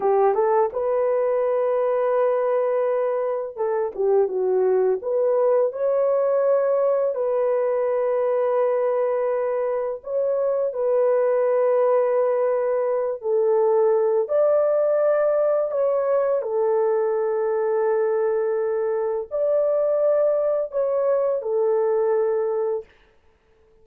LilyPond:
\new Staff \with { instrumentName = "horn" } { \time 4/4 \tempo 4 = 84 g'8 a'8 b'2.~ | b'4 a'8 g'8 fis'4 b'4 | cis''2 b'2~ | b'2 cis''4 b'4~ |
b'2~ b'8 a'4. | d''2 cis''4 a'4~ | a'2. d''4~ | d''4 cis''4 a'2 | }